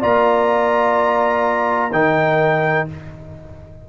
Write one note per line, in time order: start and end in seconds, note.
0.00 1.92 A#3
0.00 1.91 F4
0.00 1.90 D5
0.00 1.92 A#5
1.92 2.87 D#3
1.92 2.88 D#4
1.92 2.89 A#4
1.92 2.87 G5